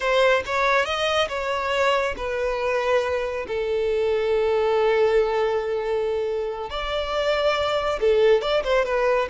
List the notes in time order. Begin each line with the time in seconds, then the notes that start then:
0.00 C5
0.45 C#5
0.85 D#5
1.28 C#5
2.16 B4
3.47 A4
6.70 D5
8.00 A4
8.41 D5
8.63 C5
8.85 B4